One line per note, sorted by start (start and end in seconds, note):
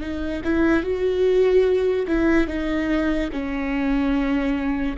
0.00 0.41 D#4
0.44 0.83 E4
0.83 2.06 F#4
2.07 2.47 E4
2.47 3.30 D#4
3.32 4.96 C#4